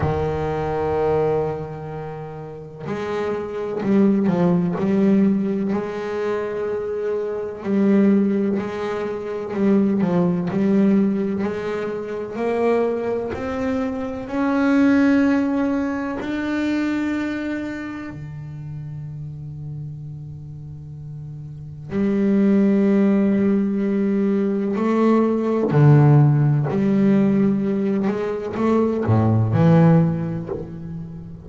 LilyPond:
\new Staff \with { instrumentName = "double bass" } { \time 4/4 \tempo 4 = 63 dis2. gis4 | g8 f8 g4 gis2 | g4 gis4 g8 f8 g4 | gis4 ais4 c'4 cis'4~ |
cis'4 d'2 d4~ | d2. g4~ | g2 a4 d4 | g4. gis8 a8 a,8 e4 | }